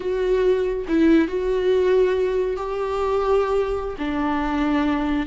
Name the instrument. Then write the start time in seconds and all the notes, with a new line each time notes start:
viola
0.00 F#4
0.87 E4
1.28 F#4
2.56 G4
3.98 D4